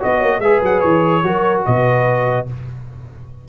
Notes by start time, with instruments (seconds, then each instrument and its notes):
0.00 tuba B3, trombone F#4, horn D#5, trumpet D#5
0.18 tuba A#3, horn C#5
0.39 tuba G#3, trombone G#4, horn B4, trumpet E5
0.62 tuba F#3, trumpet F#5
0.80 tuba E3, trumpet C#5
1.23 tuba F#3, trombone F#4, horn A#4
1.66 tuba B2, horn B4, trumpet D#5